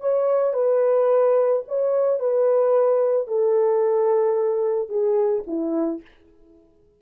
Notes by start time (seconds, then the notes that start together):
0.00 C#5
0.53 B4
1.68 C#5
2.19 B4
3.27 A4
4.89 G#4
5.47 E4